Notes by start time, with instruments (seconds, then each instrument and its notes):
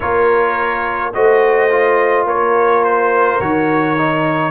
0.00 tuba A#3, trombone F4, horn A#4, trumpet C#5
1.13 tuba A3, trombone F#4, horn C5, trumpet D#5
1.70 trombone F4
2.25 tuba A#3, horn A#4, trumpet C#5
2.84 trumpet C5
3.40 tuba D#3, trombone F#4, trumpet C#5
3.97 trombone D#4